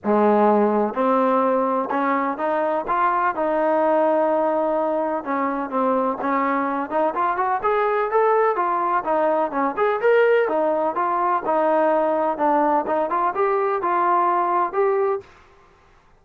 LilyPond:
\new Staff \with { instrumentName = "trombone" } { \time 4/4 \tempo 4 = 126 gis2 c'2 | cis'4 dis'4 f'4 dis'4~ | dis'2. cis'4 | c'4 cis'4. dis'8 f'8 fis'8 |
gis'4 a'4 f'4 dis'4 | cis'8 gis'8 ais'4 dis'4 f'4 | dis'2 d'4 dis'8 f'8 | g'4 f'2 g'4 | }